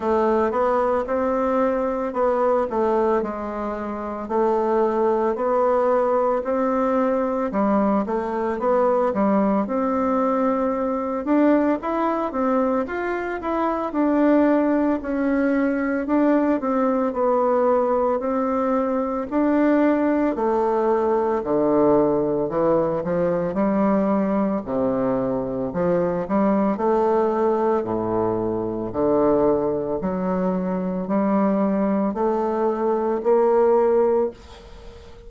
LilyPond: \new Staff \with { instrumentName = "bassoon" } { \time 4/4 \tempo 4 = 56 a8 b8 c'4 b8 a8 gis4 | a4 b4 c'4 g8 a8 | b8 g8 c'4. d'8 e'8 c'8 | f'8 e'8 d'4 cis'4 d'8 c'8 |
b4 c'4 d'4 a4 | d4 e8 f8 g4 c4 | f8 g8 a4 a,4 d4 | fis4 g4 a4 ais4 | }